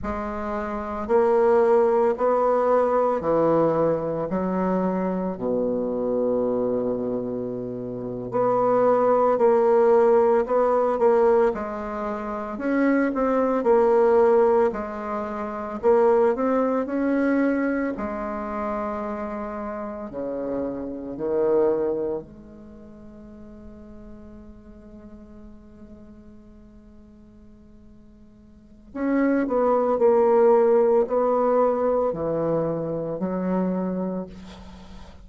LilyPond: \new Staff \with { instrumentName = "bassoon" } { \time 4/4 \tempo 4 = 56 gis4 ais4 b4 e4 | fis4 b,2~ b,8. b16~ | b8. ais4 b8 ais8 gis4 cis'16~ | cis'16 c'8 ais4 gis4 ais8 c'8 cis'16~ |
cis'8. gis2 cis4 dis16~ | dis8. gis2.~ gis16~ | gis2. cis'8 b8 | ais4 b4 e4 fis4 | }